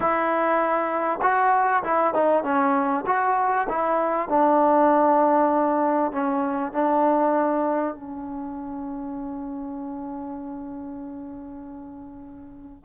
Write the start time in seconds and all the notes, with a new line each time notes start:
0.00 E4
1.21 F#4
1.83 E4
2.14 D#4
2.43 C#4
3.06 F#4
3.68 E4
4.28 D4
6.12 C#4
6.72 D4
7.95 C#4